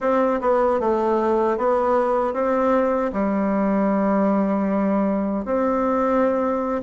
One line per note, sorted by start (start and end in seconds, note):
0.00 0.39 C4
0.41 0.80 B3
0.80 1.57 A3
1.57 2.33 B3
2.33 3.11 C4
3.12 5.45 G3
5.45 6.81 C4